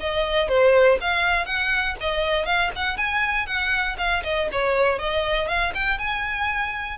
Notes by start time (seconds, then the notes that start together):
0.00 D#5
0.49 C5
1.01 F5
1.46 F#5
2.01 D#5
2.46 F5
2.76 F#5
2.97 G#5
3.46 F#5
3.98 F5
4.24 D#5
4.52 C#5
4.99 D#5
5.48 F5
5.75 G5
5.99 G#5